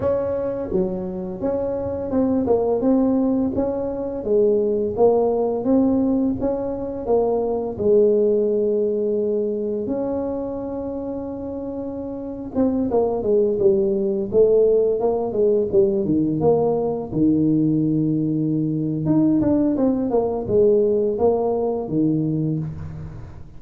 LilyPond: \new Staff \with { instrumentName = "tuba" } { \time 4/4 \tempo 4 = 85 cis'4 fis4 cis'4 c'8 ais8 | c'4 cis'4 gis4 ais4 | c'4 cis'4 ais4 gis4~ | gis2 cis'2~ |
cis'4.~ cis'16 c'8 ais8 gis8 g8.~ | g16 a4 ais8 gis8 g8 dis8 ais8.~ | ais16 dis2~ dis8. dis'8 d'8 | c'8 ais8 gis4 ais4 dis4 | }